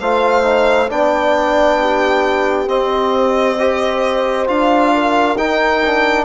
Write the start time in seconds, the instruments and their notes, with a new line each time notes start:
0.00 bassoon A3, trombone F4, horn C5, violin F5
0.43 trombone D#4
0.89 bassoon B3, trombone D4, horn D5, violin G5
1.80 horn G4
2.67 trombone C4, bassoon C4, violin D#5
3.59 trombone G4, horn C5
4.47 bassoon D4, trombone F4, violin F5
4.94 horn A#4
5.36 bassoon D#4, trombone D#4, violin G5
5.86 trombone D4